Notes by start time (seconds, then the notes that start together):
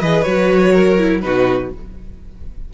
0.00 E3 G#4 B4 D#5
0.23 F#3 F#4 C#5
0.73 A#4
0.99 E4
1.22 B2 D#4 F#4 B4